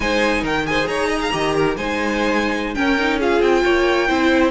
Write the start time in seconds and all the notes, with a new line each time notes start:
0.00 G#3 D#4 C5 G#5
0.41 D#3 A#4 G5
0.65 G#4 C5 G#5
0.87 D#4 C#5 A#5
1.08 D#5
1.21 F5
1.32 D#3 G4 D#5
1.55 A#4
1.76 G#3 D#4 C5 G#5
2.74 C#4 A#4 G5
2.98 D#4
3.18 F4 G#4 F5
3.40 C4 G5
3.63 A#3 C#5
4.07 C4 E4 C5